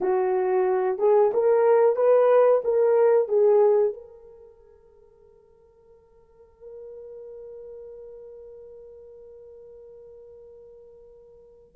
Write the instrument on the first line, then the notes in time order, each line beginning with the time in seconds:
horn
0.01 F#4
0.98 G#4
1.33 A#4
1.96 B4
2.64 A#4
3.28 G#4
3.93 A#4